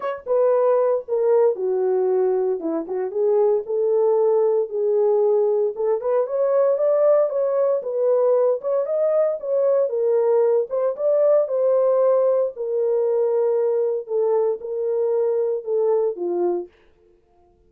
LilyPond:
\new Staff \with { instrumentName = "horn" } { \time 4/4 \tempo 4 = 115 cis''8 b'4. ais'4 fis'4~ | fis'4 e'8 fis'8 gis'4 a'4~ | a'4 gis'2 a'8 b'8 | cis''4 d''4 cis''4 b'4~ |
b'8 cis''8 dis''4 cis''4 ais'4~ | ais'8 c''8 d''4 c''2 | ais'2. a'4 | ais'2 a'4 f'4 | }